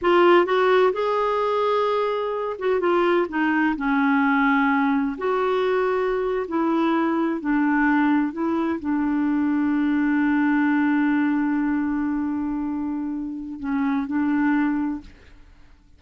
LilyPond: \new Staff \with { instrumentName = "clarinet" } { \time 4/4 \tempo 4 = 128 f'4 fis'4 gis'2~ | gis'4. fis'8 f'4 dis'4 | cis'2. fis'4~ | fis'4.~ fis'16 e'2 d'16~ |
d'4.~ d'16 e'4 d'4~ d'16~ | d'1~ | d'1~ | d'4 cis'4 d'2 | }